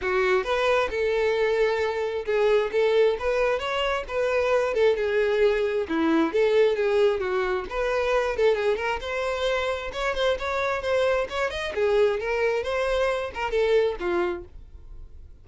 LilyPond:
\new Staff \with { instrumentName = "violin" } { \time 4/4 \tempo 4 = 133 fis'4 b'4 a'2~ | a'4 gis'4 a'4 b'4 | cis''4 b'4. a'8 gis'4~ | gis'4 e'4 a'4 gis'4 |
fis'4 b'4. a'8 gis'8 ais'8 | c''2 cis''8 c''8 cis''4 | c''4 cis''8 dis''8 gis'4 ais'4 | c''4. ais'8 a'4 f'4 | }